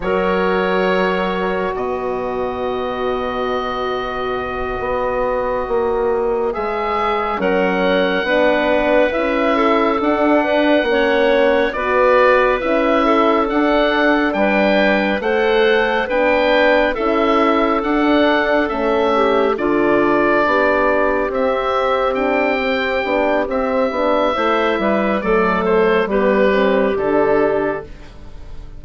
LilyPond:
<<
  \new Staff \with { instrumentName = "oboe" } { \time 4/4 \tempo 4 = 69 cis''2 dis''2~ | dis''2.~ dis''8 e''8~ | e''8 fis''2 e''4 fis''8~ | fis''4. d''4 e''4 fis''8~ |
fis''8 g''4 fis''4 g''4 e''8~ | e''8 fis''4 e''4 d''4.~ | d''8 e''4 g''4. e''4~ | e''4 d''8 c''8 b'4 a'4 | }
  \new Staff \with { instrumentName = "clarinet" } { \time 4/4 ais'2 b'2~ | b'1~ | b'8 ais'4 b'4. a'4 | b'8 cis''4 b'4. a'4~ |
a'8 b'4 c''4 b'4 a'8~ | a'2 g'8 f'4 g'8~ | g'1 | c''8 b'8 a'4 g'2 | }
  \new Staff \with { instrumentName = "horn" } { \time 4/4 fis'1~ | fis'2.~ fis'8 gis'8~ | gis'8 cis'4 d'4 e'4 d'8~ | d'8 cis'4 fis'4 e'4 d'8~ |
d'4. a'4 d'4 e'8~ | e'8 d'4 cis'4 d'4.~ | d'8 c'4 d'8 c'8 d'8 c'8 d'8 | e'4 a4 b8 c'8 d'4 | }
  \new Staff \with { instrumentName = "bassoon" } { \time 4/4 fis2 b,2~ | b,4. b4 ais4 gis8~ | gis8 fis4 b4 cis'4 d'8~ | d'8 ais4 b4 cis'4 d'8~ |
d'8 g4 a4 b4 cis'8~ | cis'8 d'4 a4 d4 b8~ | b8 c'2 b8 c'8 b8 | a8 g8 fis4 g4 d4 | }
>>